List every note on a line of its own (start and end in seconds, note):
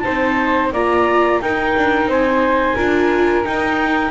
0.00 0.72 C4
0.00 0.72 D#4
0.00 0.72 C5
0.00 0.68 A5
0.72 1.41 A#3
0.72 1.43 F4
0.72 1.41 D5
0.72 1.41 A#5
1.41 1.75 D#4
1.41 2.77 D#4
1.41 2.09 A#4
1.41 2.10 G5
1.77 2.06 D4
2.06 2.74 C4
2.06 2.75 C5
2.06 3.45 G#5
2.75 3.45 D4
2.75 3.44 F4
2.75 4.11 A#4
3.44 4.11 D#4
3.44 4.11 G5